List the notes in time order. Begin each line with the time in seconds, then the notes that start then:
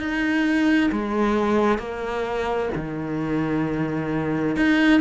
0.00 D#4
0.92 G#3
1.79 A#3
2.76 D#3
4.57 D#4